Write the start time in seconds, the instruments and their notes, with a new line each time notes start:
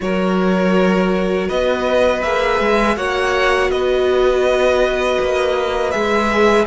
0.00 cello F#3, viola F#4, violin A#4 C#5
1.47 cello B3, violin B4 D#5
2.23 cello A#3, viola G#4, violin E5
2.60 cello G#3
2.96 cello A#3, viola F#4, violin C#5 F#5
3.69 cello B3, violin B4 D#5
5.19 cello A#3
5.91 cello G#3, viola G#4, violin E5